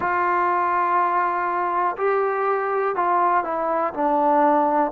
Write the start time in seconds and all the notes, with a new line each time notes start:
0.00 F4
1.97 G4
2.95 F4
3.43 E4
3.93 D4